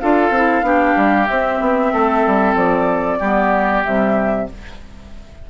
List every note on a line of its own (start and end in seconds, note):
0.00 0.30 D4
0.00 0.33 F4
0.00 0.66 A4
0.00 1.27 F5
0.30 0.62 C4
0.30 0.63 E4
0.62 0.94 B3
0.62 1.27 D4
0.62 1.93 G4
0.96 1.28 G3
1.27 1.61 C4
1.27 3.22 C4
1.27 2.55 E5
1.61 1.92 B3
1.93 2.26 A3
1.93 3.19 A4
2.27 2.55 G3
2.55 3.19 F3
2.55 3.84 D5
3.19 3.85 G3
3.19 3.85 B3
3.19 4.47 G4
3.84 4.50 C3
3.84 4.49 G3
3.84 4.48 E5